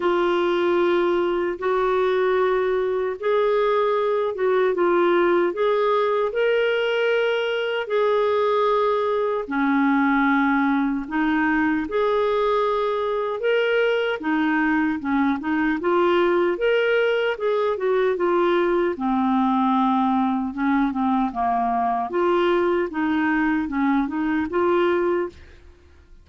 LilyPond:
\new Staff \with { instrumentName = "clarinet" } { \time 4/4 \tempo 4 = 76 f'2 fis'2 | gis'4. fis'8 f'4 gis'4 | ais'2 gis'2 | cis'2 dis'4 gis'4~ |
gis'4 ais'4 dis'4 cis'8 dis'8 | f'4 ais'4 gis'8 fis'8 f'4 | c'2 cis'8 c'8 ais4 | f'4 dis'4 cis'8 dis'8 f'4 | }